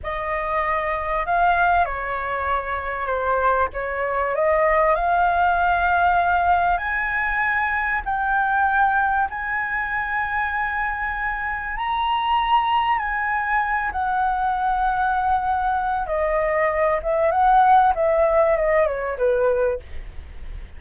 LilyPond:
\new Staff \with { instrumentName = "flute" } { \time 4/4 \tempo 4 = 97 dis''2 f''4 cis''4~ | cis''4 c''4 cis''4 dis''4 | f''2. gis''4~ | gis''4 g''2 gis''4~ |
gis''2. ais''4~ | ais''4 gis''4. fis''4.~ | fis''2 dis''4. e''8 | fis''4 e''4 dis''8 cis''8 b'4 | }